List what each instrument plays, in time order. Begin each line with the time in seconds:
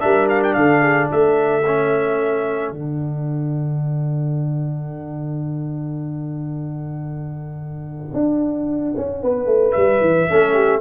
0.00 tuba G3, trombone D4, horn A#4, trumpet E5
0.29 trumpet F5
0.44 trumpet G5
0.54 tuba D3, horn A4, trumpet F5
0.82 horn G#4
1.09 tuba A3, horn A4, trumpet E5
1.67 trombone C#4
2.71 tuba D3, trombone D4, trumpet F#5
8.14 tuba D4
8.97 tuba C#4
9.23 tuba B3, horn B4
9.47 tuba A3
9.72 tuba G3, trumpet E5
10.01 tuba E3
10.30 tuba A3, trombone C#4, horn A4
10.54 horn G4